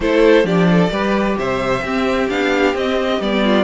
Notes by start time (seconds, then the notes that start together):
0.00 A3 E4 A4 C5
0.44 F3 D4 G4 D5
0.70 A4
0.91 G3 G4 B4
1.37 C3 C5 E5
1.81 C4 G4
2.29 B3 D4 F5
2.74 C4 D#5
3.20 G3 B3 D5
3.43 F4